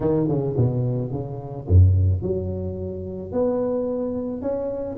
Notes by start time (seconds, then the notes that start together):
0.00 D#3
0.28 C#3
0.56 B2
1.11 C#3
1.67 F#2
2.21 F#3
3.32 B3
4.41 C#4